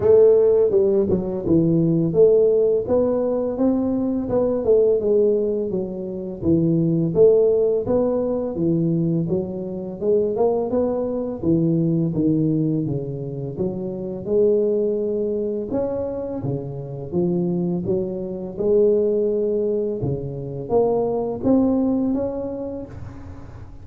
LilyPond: \new Staff \with { instrumentName = "tuba" } { \time 4/4 \tempo 4 = 84 a4 g8 fis8 e4 a4 | b4 c'4 b8 a8 gis4 | fis4 e4 a4 b4 | e4 fis4 gis8 ais8 b4 |
e4 dis4 cis4 fis4 | gis2 cis'4 cis4 | f4 fis4 gis2 | cis4 ais4 c'4 cis'4 | }